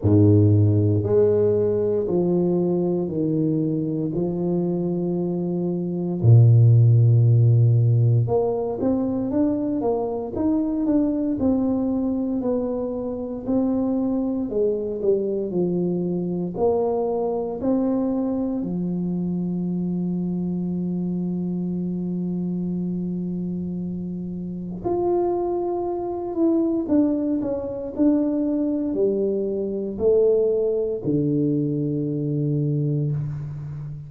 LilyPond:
\new Staff \with { instrumentName = "tuba" } { \time 4/4 \tempo 4 = 58 gis,4 gis4 f4 dis4 | f2 ais,2 | ais8 c'8 d'8 ais8 dis'8 d'8 c'4 | b4 c'4 gis8 g8 f4 |
ais4 c'4 f2~ | f1 | f'4. e'8 d'8 cis'8 d'4 | g4 a4 d2 | }